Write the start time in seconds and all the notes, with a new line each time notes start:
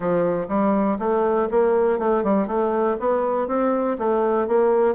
0.00 F3
0.48 G3
0.98 A3
1.50 A#3
1.98 A3
2.23 G3
2.47 A3
2.99 B3
3.47 C4
3.98 A3
4.47 A#3